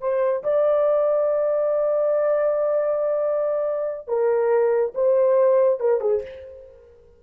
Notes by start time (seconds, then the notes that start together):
0.00 C5
0.43 D5
4.08 A#4
4.94 C5
5.80 A#4
6.01 G#4